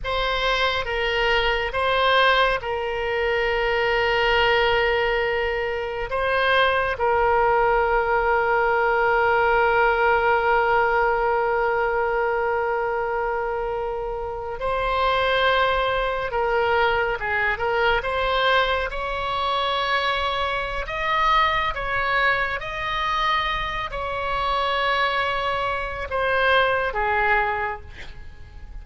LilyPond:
\new Staff \with { instrumentName = "oboe" } { \time 4/4 \tempo 4 = 69 c''4 ais'4 c''4 ais'4~ | ais'2. c''4 | ais'1~ | ais'1~ |
ais'8. c''2 ais'4 gis'16~ | gis'16 ais'8 c''4 cis''2~ cis''16 | dis''4 cis''4 dis''4. cis''8~ | cis''2 c''4 gis'4 | }